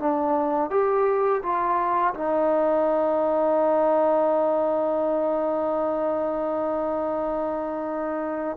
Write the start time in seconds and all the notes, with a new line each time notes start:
0.00 D4
0.71 G4
1.43 F4
2.15 D#4